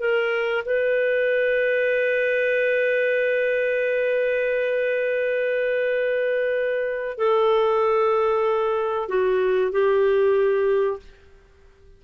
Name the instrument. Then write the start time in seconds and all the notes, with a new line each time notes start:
clarinet
0.00 A#4
0.65 B4
7.18 A4
9.08 F#4
9.72 G4